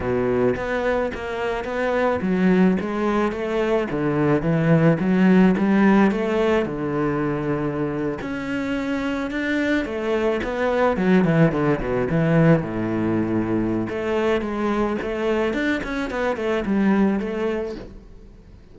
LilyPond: \new Staff \with { instrumentName = "cello" } { \time 4/4 \tempo 4 = 108 b,4 b4 ais4 b4 | fis4 gis4 a4 d4 | e4 fis4 g4 a4 | d2~ d8. cis'4~ cis'16~ |
cis'8. d'4 a4 b4 fis16~ | fis16 e8 d8 b,8 e4 a,4~ a,16~ | a,4 a4 gis4 a4 | d'8 cis'8 b8 a8 g4 a4 | }